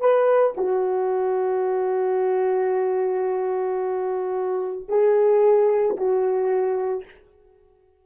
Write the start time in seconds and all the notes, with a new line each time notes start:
0.00 B4
0.57 F#4
4.88 G#4
5.97 F#4